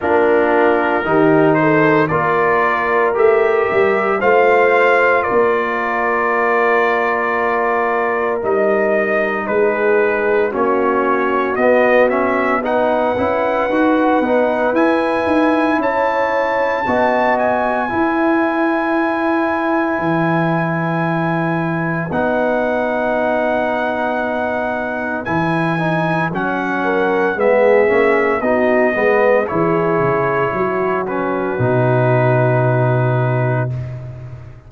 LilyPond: <<
  \new Staff \with { instrumentName = "trumpet" } { \time 4/4 \tempo 4 = 57 ais'4. c''8 d''4 e''4 | f''4 d''2. | dis''4 b'4 cis''4 dis''8 e''8 | fis''2 gis''4 a''4~ |
a''8 gis''2.~ gis''8~ | gis''4 fis''2. | gis''4 fis''4 e''4 dis''4 | cis''4. b'2~ b'8 | }
  \new Staff \with { instrumentName = "horn" } { \time 4/4 f'4 g'8 a'8 ais'2 | c''4 ais'2.~ | ais'4 gis'4 fis'2 | b'2. cis''4 |
dis''4 b'2.~ | b'1~ | b'4. ais'8 gis'4 fis'8 b'8 | gis'4 fis'2. | }
  \new Staff \with { instrumentName = "trombone" } { \time 4/4 d'4 dis'4 f'4 g'4 | f'1 | dis'2 cis'4 b8 cis'8 | dis'8 e'8 fis'8 dis'8 e'2 |
fis'4 e'2.~ | e'4 dis'2. | e'8 dis'8 cis'4 b8 cis'8 dis'8 b8 | e'4. cis'8 dis'2 | }
  \new Staff \with { instrumentName = "tuba" } { \time 4/4 ais4 dis4 ais4 a8 g8 | a4 ais2. | g4 gis4 ais4 b4~ | b8 cis'8 dis'8 b8 e'8 dis'8 cis'4 |
b4 e'2 e4~ | e4 b2. | e4 fis4 gis8 ais8 b8 gis8 | e8 cis8 fis4 b,2 | }
>>